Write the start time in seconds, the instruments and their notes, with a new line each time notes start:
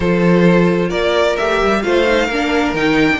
0.00 cello F3, viola F4, violin A4 C5
0.88 cello A#3, violin A#4 D5
1.37 cello A3, viola G4, violin E5
1.63 cello G3
1.82 cello A3, viola F4, violin C5 F5
2.06 viola D#4
2.26 cello A#3, violin A#4
2.32 viola D4
2.73 cello D#3, viola D#4, violin G5
3.12 viola D4